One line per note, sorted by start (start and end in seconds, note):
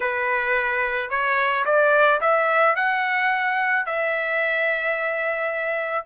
0.00 1.09 B4
1.09 1.64 C#5
1.65 2.20 D5
2.20 2.75 E5
2.75 3.85 F#5
3.86 6.06 E5